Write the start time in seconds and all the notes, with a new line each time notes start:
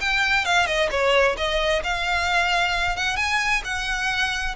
0.00 G5
0.45 F5
0.66 D#5
0.90 C#5
1.37 D#5
1.83 F5
2.96 F#5
3.16 G#5
3.64 F#5